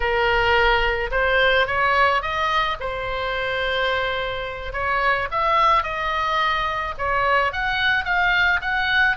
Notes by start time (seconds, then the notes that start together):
0.00 A#4
1.11 C5
1.66 C#5
2.21 D#5
2.80 C5
4.72 C#5
5.31 E5
5.83 D#5
6.97 C#5
7.52 F#5
8.05 F5
8.61 F#5